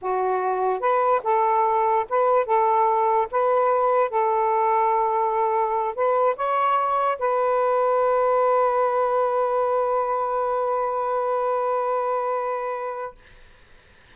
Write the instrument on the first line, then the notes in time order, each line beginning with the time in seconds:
saxophone
0.01 F#4
0.80 B4
1.23 A4
2.09 B4
2.45 A4
3.31 B4
4.09 A4
5.95 B4
6.36 C#5
7.18 B4